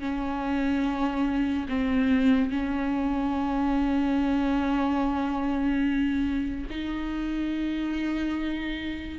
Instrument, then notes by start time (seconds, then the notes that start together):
viola
0.00 C#4
1.69 C4
2.50 C#4
6.70 D#4